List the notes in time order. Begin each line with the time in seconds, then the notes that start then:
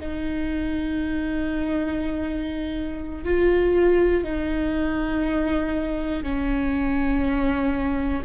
0.00 D#4
3.25 F4
4.24 D#4
6.23 C#4